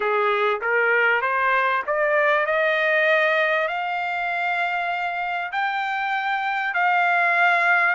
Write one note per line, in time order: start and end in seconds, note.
0.00 0.60 G#4
0.61 1.21 A#4
1.21 1.82 C5
1.86 2.45 D5
2.45 3.68 D#5
3.68 5.51 F5
5.52 6.74 G5
6.74 7.95 F5